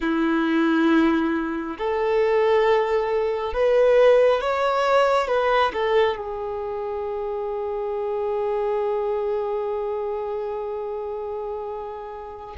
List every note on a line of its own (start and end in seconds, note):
0.00 1.77 E4
1.78 3.53 A4
3.53 4.40 B4
4.40 5.27 C#5
5.27 5.72 B4
5.73 6.16 A4
6.16 12.56 G#4